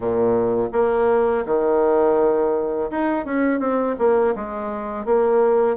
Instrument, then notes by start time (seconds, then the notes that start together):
bassoon
0.00 A#2
0.72 A#3
1.45 D#3
2.90 D#4
3.25 C#4
3.59 C4
3.98 A#3
4.35 G#3
5.05 A#3